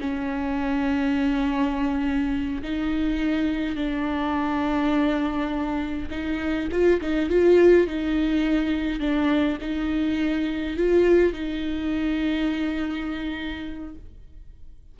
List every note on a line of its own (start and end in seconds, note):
0.00 2.62 C#4
2.62 3.76 D#4
3.76 6.09 D4
6.11 6.69 D#4
6.72 7.01 F4
7.01 7.29 D#4
7.29 7.87 F4
7.87 9.00 D#4
9.00 9.58 D4
9.61 10.77 D#4
10.77 11.33 F4
11.33 13.95 D#4